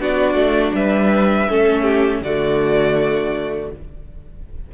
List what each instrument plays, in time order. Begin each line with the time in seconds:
0.00 cello B3, viola D4, violin F#4 D5
0.35 cello A3
0.74 cello G3, violin B4 E5
1.50 cello A3, viola C#4, violin A4
1.83 violin G4
2.22 cello D3, viola A3, violin F#4 D5